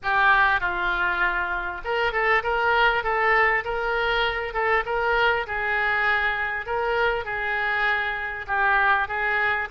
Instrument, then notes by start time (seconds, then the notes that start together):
oboe
0.02 G4
0.60 F4
1.84 A#4
2.12 A4
2.43 A#4
3.03 A4
3.64 A#4
4.53 A4
4.85 A#4
5.46 G#4
6.66 A#4
7.24 G#4
8.47 G4
9.07 G#4